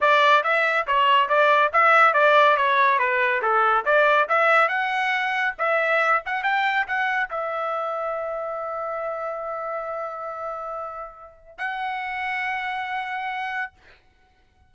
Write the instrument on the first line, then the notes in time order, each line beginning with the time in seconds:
trumpet
0.01 D5
0.43 E5
0.86 C#5
1.29 D5
1.72 E5
2.13 D5
2.56 C#5
2.98 B4
3.42 A4
3.85 D5
4.28 E5
4.68 F#5
5.58 E5
6.25 F#5
6.43 G5
6.87 F#5
7.29 E5
11.58 F#5